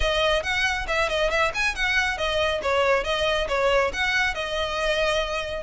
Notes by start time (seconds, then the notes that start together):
0.00 D#5
0.42 F#5
0.87 E5
1.09 D#5
1.30 E5
1.54 G#5
1.75 F#5
2.17 D#5
2.62 C#5
3.04 D#5
3.48 C#5
3.93 F#5
4.34 D#5